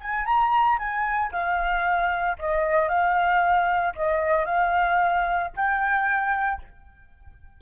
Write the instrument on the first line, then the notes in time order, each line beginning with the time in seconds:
flute
0.00 G#5
0.25 A#5
0.78 G#5
1.31 F5
2.38 D#5
2.89 F5
3.95 D#5
4.45 F5
5.56 G5